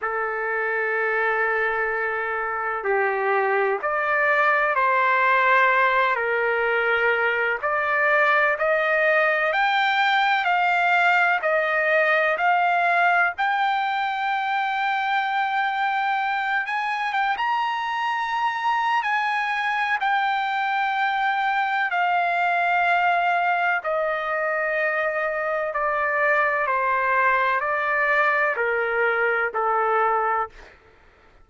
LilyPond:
\new Staff \with { instrumentName = "trumpet" } { \time 4/4 \tempo 4 = 63 a'2. g'4 | d''4 c''4. ais'4. | d''4 dis''4 g''4 f''4 | dis''4 f''4 g''2~ |
g''4. gis''8 g''16 ais''4.~ ais''16 | gis''4 g''2 f''4~ | f''4 dis''2 d''4 | c''4 d''4 ais'4 a'4 | }